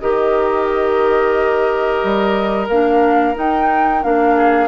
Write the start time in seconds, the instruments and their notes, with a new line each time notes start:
0.00 bassoon D#3, clarinet G4, oboe A#4, flute D#5
2.04 bassoon G3
2.68 bassoon A#3, clarinet D4, flute F5
3.35 clarinet D#4, bassoon D#4, flute G5
4.02 bassoon A#3, clarinet D4, flute F5
4.36 oboe G#4